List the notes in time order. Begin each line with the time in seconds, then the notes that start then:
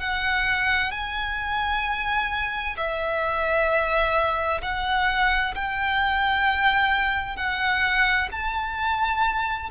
0.00 F#5
0.91 G#5
2.77 E5
4.62 F#5
5.55 G5
7.37 F#5
8.32 A5